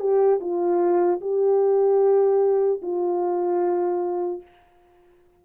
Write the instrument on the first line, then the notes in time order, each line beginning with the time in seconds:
horn
0.00 G4
0.41 F4
1.21 G4
2.83 F4